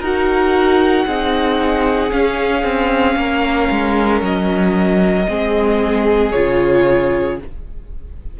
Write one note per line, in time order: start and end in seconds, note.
0.00 1.05 D#4
0.00 1.08 F#4
0.00 1.05 A#4
0.00 2.11 F#5
1.06 2.12 C4
1.06 2.10 D#4
1.06 3.17 G#4
2.10 5.26 C#4
2.10 2.63 C#4
2.10 4.22 F5
2.63 3.16 C4
3.16 3.68 A#3
3.16 5.30 A#4
3.71 4.21 G#3
4.21 5.27 F#3
4.21 6.32 D#5
5.27 6.33 G#3
5.27 6.33 C4
5.27 7.40 G#4
6.32 7.40 C#3
6.32 7.39 F4
6.32 7.37 C#5